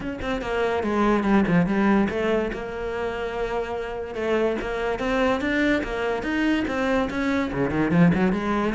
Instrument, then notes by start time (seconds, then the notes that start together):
cello
0.00 C#4
0.21 C4
0.41 A#3
0.83 G#3
1.23 G3
1.47 F3
1.66 G3
2.09 A3
2.52 A#3
4.14 A3
4.61 A#3
4.99 C4
5.41 D4
5.83 A#3
6.22 D#4
6.67 C4
7.10 C#4
7.52 C#3
7.70 D#3
7.91 F3
8.14 F#3
8.32 G#3